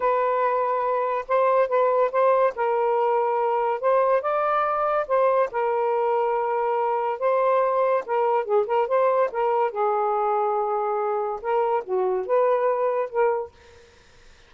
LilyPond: \new Staff \with { instrumentName = "saxophone" } { \time 4/4 \tempo 4 = 142 b'2. c''4 | b'4 c''4 ais'2~ | ais'4 c''4 d''2 | c''4 ais'2.~ |
ais'4 c''2 ais'4 | gis'8 ais'8 c''4 ais'4 gis'4~ | gis'2. ais'4 | fis'4 b'2 ais'4 | }